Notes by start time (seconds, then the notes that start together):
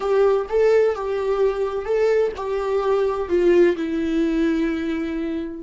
0.00 G4
0.49 A4
0.95 G4
1.85 A4
2.36 G4
3.29 F4
3.76 E4